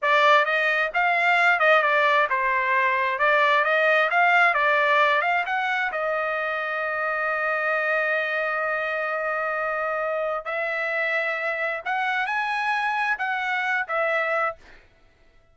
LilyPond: \new Staff \with { instrumentName = "trumpet" } { \time 4/4 \tempo 4 = 132 d''4 dis''4 f''4. dis''8 | d''4 c''2 d''4 | dis''4 f''4 d''4. f''8 | fis''4 dis''2.~ |
dis''1~ | dis''2. e''4~ | e''2 fis''4 gis''4~ | gis''4 fis''4. e''4. | }